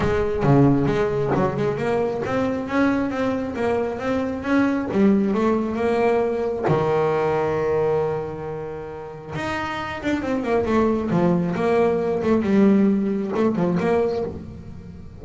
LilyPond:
\new Staff \with { instrumentName = "double bass" } { \time 4/4 \tempo 4 = 135 gis4 cis4 gis4 fis8 gis8 | ais4 c'4 cis'4 c'4 | ais4 c'4 cis'4 g4 | a4 ais2 dis4~ |
dis1~ | dis4 dis'4. d'8 c'8 ais8 | a4 f4 ais4. a8 | g2 a8 f8 ais4 | }